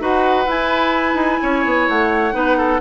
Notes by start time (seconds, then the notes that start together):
0.00 D#4 F#4 B4 F#5
0.47 E4 G#5
1.15 D#4
1.43 C#4 C#5
1.66 B3
1.89 A3 F#5
2.33 B3 D#4 B4
2.58 A4